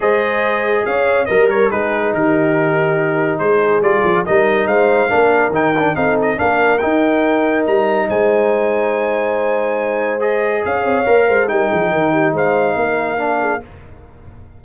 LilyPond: <<
  \new Staff \with { instrumentName = "trumpet" } { \time 4/4 \tempo 4 = 141 dis''2 f''4 dis''8 cis''8 | b'4 ais'2. | c''4 d''4 dis''4 f''4~ | f''4 g''4 f''8 dis''8 f''4 |
g''2 ais''4 gis''4~ | gis''1 | dis''4 f''2 g''4~ | g''4 f''2. | }
  \new Staff \with { instrumentName = "horn" } { \time 4/4 c''2 cis''4 ais'4 | gis'4 g'2. | gis'2 ais'4 c''4 | ais'2 a'4 ais'4~ |
ais'2. c''4~ | c''1~ | c''4 cis''4. c''8 ais'8 gis'8 | ais'8 g'8 c''4 ais'4. gis'8 | }
  \new Staff \with { instrumentName = "trombone" } { \time 4/4 gis'2. ais'4 | dis'1~ | dis'4 f'4 dis'2 | d'4 dis'8 d'8 dis'4 d'4 |
dis'1~ | dis'1 | gis'2 ais'4 dis'4~ | dis'2. d'4 | }
  \new Staff \with { instrumentName = "tuba" } { \time 4/4 gis2 cis'4 g4 | gis4 dis2. | gis4 g8 f8 g4 gis4 | ais4 dis4 c'4 ais4 |
dis'2 g4 gis4~ | gis1~ | gis4 cis'8 c'8 ais8 gis8 g8 f8 | dis4 gis4 ais2 | }
>>